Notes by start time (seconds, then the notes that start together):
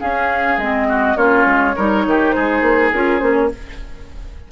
0.00 C#4 G#4 F5
0.58 G#3 C4 D#5
0.89 F#4
1.16 A#3 C#4 F4 C#5
1.46 G#3
1.76 G3 D#4 A#4
2.06 D#3 G4
2.32 G#3 G#4 C5
2.61 A#3
2.92 C#4 F4 A#4
3.19 A#3 C#4 C5
3.33 C#5